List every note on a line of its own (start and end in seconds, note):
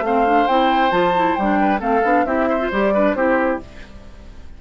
0.00 0.44 A3
0.00 0.25 C4
0.00 0.47 F5
0.06 1.60 C5
0.25 0.48 D4
0.47 0.91 C4
0.47 0.91 E4
0.47 0.91 G5
0.91 1.36 F3
0.91 1.13 F4
0.91 1.35 A5
1.16 1.38 E4
1.35 1.81 G3
1.35 1.78 D4
1.35 1.79 G5
1.60 1.80 B4
1.78 2.03 A3
1.78 2.01 C4
1.78 2.24 A4
1.78 2.25 F5
2.04 2.25 B3
2.04 2.26 D4
2.25 2.69 C4
2.25 2.60 E4
2.25 2.49 G4
2.25 2.70 E5
2.49 2.94 C5
2.60 2.71 F4
2.72 3.14 G3
2.72 2.94 G4
2.72 3.15 D5
2.94 3.16 D4
2.94 3.16 B4
3.14 3.59 C4
3.14 3.61 E4
3.14 3.61 G4
3.14 3.59 C5